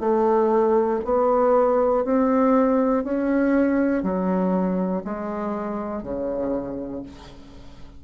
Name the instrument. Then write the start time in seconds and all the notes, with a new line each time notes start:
bassoon
0.00 A3
1.05 B3
2.04 C4
3.04 C#4
4.02 F#3
5.04 G#3
6.02 C#3